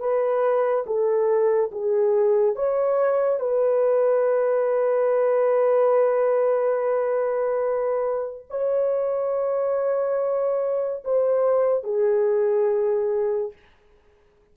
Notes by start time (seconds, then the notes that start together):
0.00 B4
0.87 A4
1.72 G#4
2.56 C#5
3.40 B4
8.50 C#5
11.05 C5
11.83 G#4